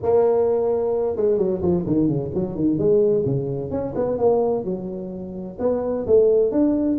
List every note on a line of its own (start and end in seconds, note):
0.02 1.16 A#3
1.16 1.38 G#3
1.38 1.61 F#3
1.62 1.85 F3
1.86 2.07 D#3
2.07 2.30 C#3
2.34 2.55 F#3
2.55 2.78 D#3
2.78 3.24 G#3
3.25 3.70 C#3
3.70 3.94 C#4
3.95 4.18 B3
4.18 4.64 A#3
4.64 5.57 F#3
5.59 6.05 B3
6.07 6.51 A3
6.51 6.98 D4